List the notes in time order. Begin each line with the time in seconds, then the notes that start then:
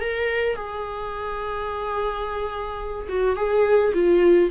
0.00 A#4
0.55 G#4
3.08 F#4
3.36 G#4
3.94 F4